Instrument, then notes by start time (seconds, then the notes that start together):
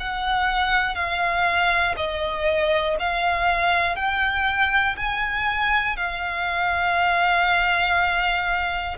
violin
0.00 F#5
0.95 F5
1.96 D#5
2.99 F5
3.96 G5
4.97 G#5
5.97 F5